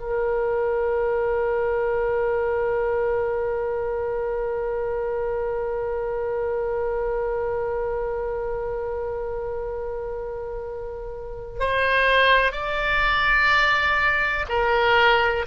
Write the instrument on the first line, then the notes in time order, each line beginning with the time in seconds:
oboe
0.00 A#4
11.60 C5
12.52 D5
14.49 A#4